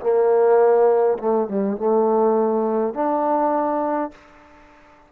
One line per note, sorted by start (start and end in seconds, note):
0.00 1.18 A#3
1.18 1.48 A3
1.48 1.76 G3
1.76 2.94 A3
2.94 4.11 D4